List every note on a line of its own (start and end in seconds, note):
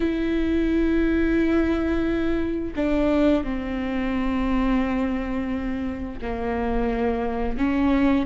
0.00 2.73 E4
2.76 3.44 D4
3.44 6.19 C4
6.21 7.57 A#3
7.57 8.26 C#4